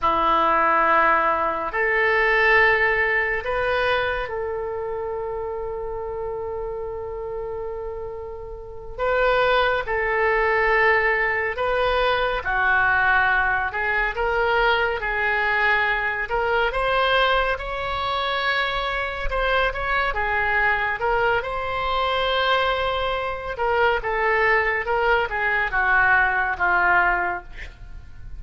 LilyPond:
\new Staff \with { instrumentName = "oboe" } { \time 4/4 \tempo 4 = 70 e'2 a'2 | b'4 a'2.~ | a'2~ a'8 b'4 a'8~ | a'4. b'4 fis'4. |
gis'8 ais'4 gis'4. ais'8 c''8~ | c''8 cis''2 c''8 cis''8 gis'8~ | gis'8 ais'8 c''2~ c''8 ais'8 | a'4 ais'8 gis'8 fis'4 f'4 | }